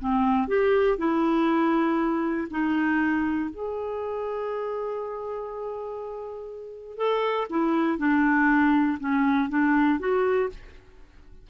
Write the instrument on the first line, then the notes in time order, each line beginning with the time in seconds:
clarinet
0.00 C4
0.48 G4
0.98 E4
2.51 D#4
3.50 G#4
6.97 A4
7.50 E4
7.98 D4
9.00 C#4
9.50 D4
10.00 F#4